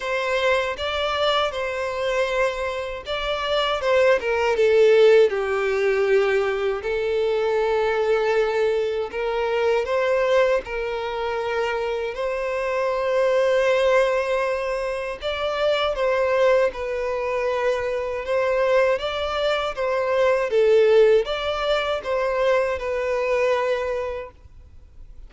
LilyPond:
\new Staff \with { instrumentName = "violin" } { \time 4/4 \tempo 4 = 79 c''4 d''4 c''2 | d''4 c''8 ais'8 a'4 g'4~ | g'4 a'2. | ais'4 c''4 ais'2 |
c''1 | d''4 c''4 b'2 | c''4 d''4 c''4 a'4 | d''4 c''4 b'2 | }